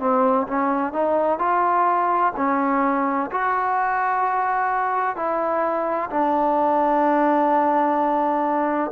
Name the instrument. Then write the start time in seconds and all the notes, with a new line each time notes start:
trombone
0.00 C4
0.47 C#4
0.93 D#4
1.39 F4
2.37 C#4
3.31 F#4
5.16 E4
6.10 D4